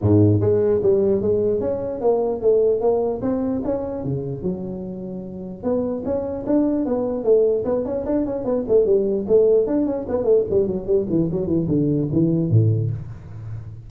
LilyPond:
\new Staff \with { instrumentName = "tuba" } { \time 4/4 \tempo 4 = 149 gis,4 gis4 g4 gis4 | cis'4 ais4 a4 ais4 | c'4 cis'4 cis4 fis4~ | fis2 b4 cis'4 |
d'4 b4 a4 b8 cis'8 | d'8 cis'8 b8 a8 g4 a4 | d'8 cis'8 b8 a8 g8 fis8 g8 e8 | fis8 e8 d4 e4 a,4 | }